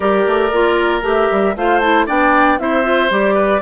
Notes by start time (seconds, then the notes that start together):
0.00 G3 G4 A#4 D5
0.26 A3
0.51 A#3 F4
1.01 A3 G4 E5
1.31 G3
1.55 A3 F4 C5 F5
1.79 E4 A5
2.06 B3 D4 D5 G5
2.58 C4 E4 C5 E5
2.82 F4
3.10 G3 G4 D5
3.34 B4